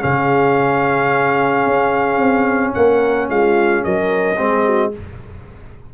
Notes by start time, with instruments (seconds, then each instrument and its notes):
0.00 tuba C#3, trombone C#4, horn G#4, trumpet F5
1.66 tuba C#4
2.18 tuba C4
2.74 tuba A#3, horn A#4, trumpet F#5
3.29 tuba G#3, horn F4, trumpet F5
3.84 tuba F#3, horn A#4, trumpet D#5
4.37 tuba G#3, trombone C4, horn G#4
4.65 horn F#4